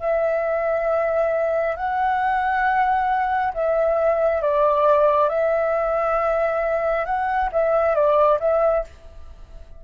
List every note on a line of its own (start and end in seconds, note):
0.00 1.76 E5
1.76 3.53 F#5
3.54 4.42 E5
4.42 5.29 D5
5.29 7.05 E5
7.06 7.50 F#5
7.52 7.95 E5
7.95 8.39 D5
8.40 8.84 E5